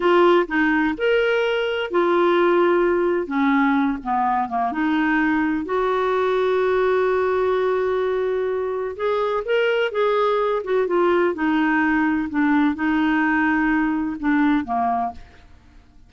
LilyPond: \new Staff \with { instrumentName = "clarinet" } { \time 4/4 \tempo 4 = 127 f'4 dis'4 ais'2 | f'2. cis'4~ | cis'8 b4 ais8 dis'2 | fis'1~ |
fis'2. gis'4 | ais'4 gis'4. fis'8 f'4 | dis'2 d'4 dis'4~ | dis'2 d'4 ais4 | }